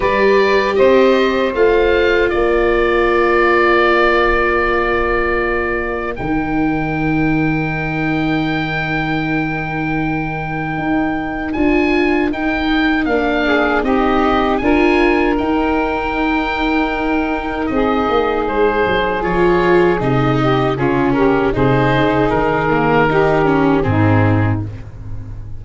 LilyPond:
<<
  \new Staff \with { instrumentName = "oboe" } { \time 4/4 \tempo 4 = 78 d''4 dis''4 f''4 d''4~ | d''1 | g''1~ | g''2. gis''4 |
g''4 f''4 dis''4 gis''4 | g''2. dis''4 | c''4 cis''4 dis''4 gis'8 ais'8 | c''4 ais'2 gis'4 | }
  \new Staff \with { instrumentName = "saxophone" } { \time 4/4 b'4 c''2 ais'4~ | ais'1~ | ais'1~ | ais'1~ |
ais'4. gis'8 g'4 ais'4~ | ais'2. gis'4~ | gis'2~ gis'8 g'8 f'8 g'8 | gis'2 g'4 dis'4 | }
  \new Staff \with { instrumentName = "viola" } { \time 4/4 g'2 f'2~ | f'1 | dis'1~ | dis'2. f'4 |
dis'4 d'4 dis'4 f'4 | dis'1~ | dis'4 f'4 dis'4 cis'4 | dis'4. ais8 dis'8 cis'8 c'4 | }
  \new Staff \with { instrumentName = "tuba" } { \time 4/4 g4 c'4 a4 ais4~ | ais1 | dis1~ | dis2 dis'4 d'4 |
dis'4 ais4 c'4 d'4 | dis'2. c'8 ais8 | gis8 fis8 f4 c4 cis4 | c8 cis8 dis2 gis,4 | }
>>